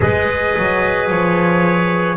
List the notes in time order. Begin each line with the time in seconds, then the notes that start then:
0.00 G#3 G#4 B4 D#5
0.57 F#3
1.10 F3 C#5